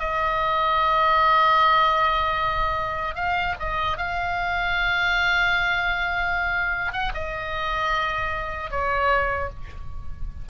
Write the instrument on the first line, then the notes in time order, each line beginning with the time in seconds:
oboe
0.00 D#5
3.15 F5
3.60 D#5
3.98 F5
6.93 F#5
7.15 D#5
8.71 C#5